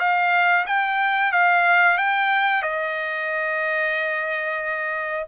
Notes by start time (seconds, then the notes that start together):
0.00 F5
0.67 G5
1.32 F5
1.98 G5
2.63 D#5